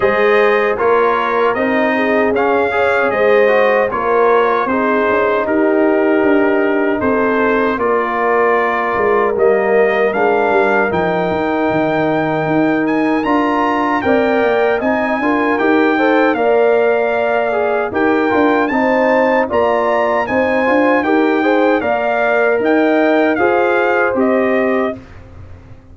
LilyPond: <<
  \new Staff \with { instrumentName = "trumpet" } { \time 4/4 \tempo 4 = 77 dis''4 cis''4 dis''4 f''4 | dis''4 cis''4 c''4 ais'4~ | ais'4 c''4 d''2 | dis''4 f''4 g''2~ |
g''8 gis''8 ais''4 g''4 gis''4 | g''4 f''2 g''4 | a''4 ais''4 gis''4 g''4 | f''4 g''4 f''4 dis''4 | }
  \new Staff \with { instrumentName = "horn" } { \time 4/4 c''4 ais'4. gis'4 cis''8 | c''4 ais'4 gis'4 g'4~ | g'4 a'4 ais'2~ | ais'1~ |
ais'2 d''4 dis''8 ais'8~ | ais'8 c''8 d''2 ais'4 | c''4 d''4 c''4 ais'8 c''8 | d''4 dis''4 c''2 | }
  \new Staff \with { instrumentName = "trombone" } { \time 4/4 gis'4 f'4 dis'4 cis'8 gis'8~ | gis'8 fis'8 f'4 dis'2~ | dis'2 f'2 | ais4 d'4 dis'2~ |
dis'4 f'4 ais'4 dis'8 f'8 | g'8 a'8 ais'4. gis'8 g'8 f'8 | dis'4 f'4 dis'8 f'8 g'8 gis'8 | ais'2 gis'4 g'4 | }
  \new Staff \with { instrumentName = "tuba" } { \time 4/4 gis4 ais4 c'4 cis'4 | gis4 ais4 c'8 cis'8 dis'4 | d'4 c'4 ais4. gis8 | g4 gis8 g8 f8 dis'8 dis4 |
dis'4 d'4 c'8 ais8 c'8 d'8 | dis'4 ais2 dis'8 d'8 | c'4 ais4 c'8 d'8 dis'4 | ais4 dis'4 f'4 c'4 | }
>>